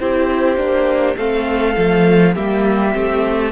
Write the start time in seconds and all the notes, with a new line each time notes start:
0.00 C4 E4 G4 C5
0.57 A#3 D4
1.17 A3 C4 A4 F5
1.76 F3 A3
2.35 G3 A#3 G4 E5
2.93 A3 C4